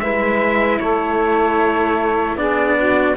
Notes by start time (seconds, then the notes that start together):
0.00 G#3 E4 B4 E5
0.79 A3 A4 C#5
2.35 B3 D4 G#4 D5
2.77 F#4